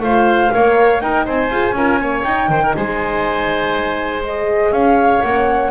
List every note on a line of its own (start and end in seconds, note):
0.00 0.50 A3
0.00 0.52 F4
0.00 0.53 C5
0.00 1.01 F5
0.52 1.01 A#3
0.52 1.01 A#4
0.52 1.03 C#5
1.01 1.26 D#4
1.01 1.51 D#4
1.01 1.25 A#4
1.01 1.25 G5
1.25 1.51 C4
1.25 1.75 C5
1.25 2.24 G#5
1.51 1.72 F4
1.51 1.76 G#4
1.72 2.22 C#4
1.72 2.01 F4
1.72 2.01 A#4
2.01 2.26 A#3
2.01 2.50 C#5
2.24 2.48 D#4
2.24 4.24 D#4
2.24 2.74 G5
2.48 2.73 D#3
2.48 2.63 C5
2.63 2.76 A#4
2.75 4.72 G#3
2.75 4.73 C5
2.75 4.24 G#5
4.24 5.24 G#4
4.24 4.73 D#5
4.72 5.21 C#4
4.72 5.71 C#5
4.72 5.22 F5
5.22 5.71 A#3
5.22 5.71 C#4
5.22 5.71 F#5